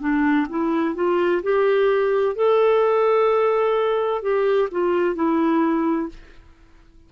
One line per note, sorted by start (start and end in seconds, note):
0.00 0.47 D4
0.49 0.95 E4
0.95 1.42 F4
1.43 2.36 G4
2.36 4.22 A4
4.22 4.69 G4
4.71 5.15 F4
5.15 6.09 E4